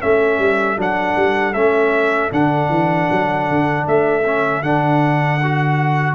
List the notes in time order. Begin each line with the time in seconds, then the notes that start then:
0.00 A3 C#4 A4 E5
0.38 G3
0.77 F#3 D4 F#5
1.16 G3
1.53 A3 C#4 E5
2.31 D3 D4 F#5
2.69 E3
3.11 F#3
3.49 D3
3.86 A3 E5
4.24 C#4
4.62 D3 D4 F#5
5.43 F#4